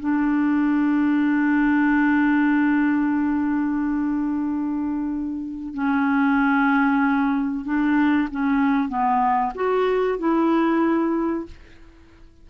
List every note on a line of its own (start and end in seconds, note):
0.00 5.74 D4
5.74 7.65 C#4
7.65 8.29 D4
8.31 8.89 C#4
8.89 9.53 B3
9.55 10.19 F#4
10.19 11.46 E4